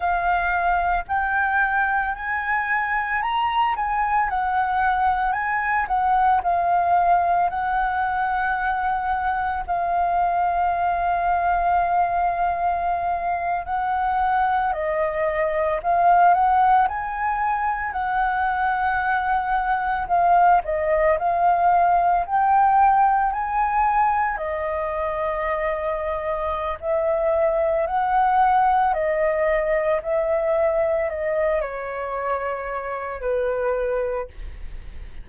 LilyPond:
\new Staff \with { instrumentName = "flute" } { \time 4/4 \tempo 4 = 56 f''4 g''4 gis''4 ais''8 gis''8 | fis''4 gis''8 fis''8 f''4 fis''4~ | fis''4 f''2.~ | f''8. fis''4 dis''4 f''8 fis''8 gis''16~ |
gis''8. fis''2 f''8 dis''8 f''16~ | f''8. g''4 gis''4 dis''4~ dis''16~ | dis''4 e''4 fis''4 dis''4 | e''4 dis''8 cis''4. b'4 | }